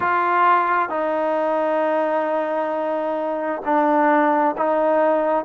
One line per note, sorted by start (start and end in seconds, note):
0.00 0.89 F4
0.89 3.62 D#4
3.64 4.55 D4
4.57 5.44 D#4